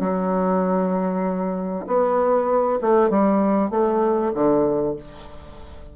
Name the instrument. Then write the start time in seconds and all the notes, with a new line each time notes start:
bassoon
0.00 F#3
1.87 B3
2.81 A3
3.10 G3
3.71 A3
4.34 D3